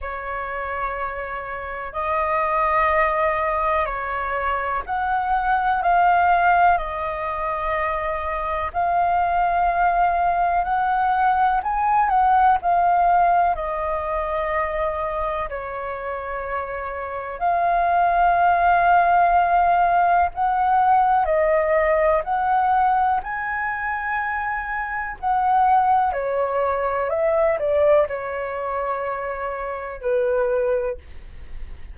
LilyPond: \new Staff \with { instrumentName = "flute" } { \time 4/4 \tempo 4 = 62 cis''2 dis''2 | cis''4 fis''4 f''4 dis''4~ | dis''4 f''2 fis''4 | gis''8 fis''8 f''4 dis''2 |
cis''2 f''2~ | f''4 fis''4 dis''4 fis''4 | gis''2 fis''4 cis''4 | e''8 d''8 cis''2 b'4 | }